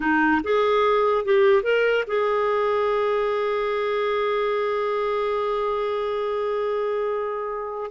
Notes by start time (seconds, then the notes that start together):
0.00 D#4
0.43 G#4
1.25 G4
1.62 A#4
2.07 G#4